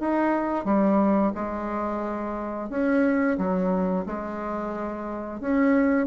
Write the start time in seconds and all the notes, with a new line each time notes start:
0.00 D#4
0.65 G3
1.35 G#3
2.70 C#4
3.38 F#3
4.06 G#3
5.41 C#4